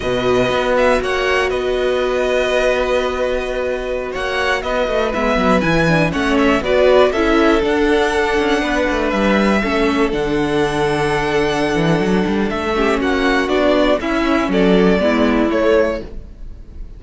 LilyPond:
<<
  \new Staff \with { instrumentName = "violin" } { \time 4/4 \tempo 4 = 120 dis''4. e''8 fis''4 dis''4~ | dis''1~ | dis''16 fis''4 dis''4 e''4 gis''8.~ | gis''16 fis''8 e''8 d''4 e''4 fis''8.~ |
fis''2~ fis''16 e''4.~ e''16~ | e''16 fis''2.~ fis''8.~ | fis''4 e''4 fis''4 d''4 | e''4 d''2 cis''4 | }
  \new Staff \with { instrumentName = "violin" } { \time 4/4 b'2 cis''4 b'4~ | b'1~ | b'16 cis''4 b'2~ b'8.~ | b'16 cis''4 b'4 a'4.~ a'16~ |
a'4~ a'16 b'2 a'8.~ | a'1~ | a'4. g'8 fis'2 | e'4 a'4 e'2 | }
  \new Staff \with { instrumentName = "viola" } { \time 4/4 fis'1~ | fis'1~ | fis'2~ fis'16 b4 e'8 d'16~ | d'16 cis'4 fis'4 e'4 d'8.~ |
d'2.~ d'16 cis'8.~ | cis'16 d'2.~ d'8.~ | d'4. cis'4. d'4 | cis'2 b4 a4 | }
  \new Staff \with { instrumentName = "cello" } { \time 4/4 b,4 b4 ais4 b4~ | b1~ | b16 ais4 b8 a8 gis8 fis8 e8.~ | e16 a4 b4 cis'4 d'8.~ |
d'8. cis'8 b8 a8 g4 a8.~ | a16 d2.~ d16 e8 | fis8 g8 a4 ais4 b4 | cis'4 fis4 gis4 a4 | }
>>